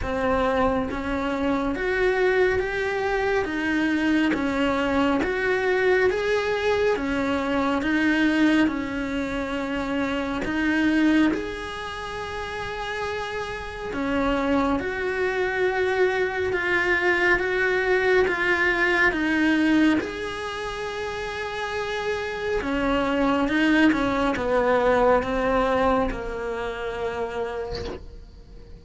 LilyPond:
\new Staff \with { instrumentName = "cello" } { \time 4/4 \tempo 4 = 69 c'4 cis'4 fis'4 g'4 | dis'4 cis'4 fis'4 gis'4 | cis'4 dis'4 cis'2 | dis'4 gis'2. |
cis'4 fis'2 f'4 | fis'4 f'4 dis'4 gis'4~ | gis'2 cis'4 dis'8 cis'8 | b4 c'4 ais2 | }